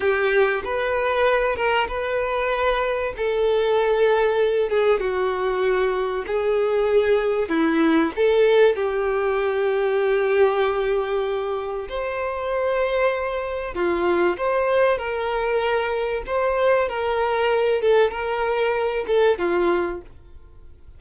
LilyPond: \new Staff \with { instrumentName = "violin" } { \time 4/4 \tempo 4 = 96 g'4 b'4. ais'8 b'4~ | b'4 a'2~ a'8 gis'8 | fis'2 gis'2 | e'4 a'4 g'2~ |
g'2. c''4~ | c''2 f'4 c''4 | ais'2 c''4 ais'4~ | ais'8 a'8 ais'4. a'8 f'4 | }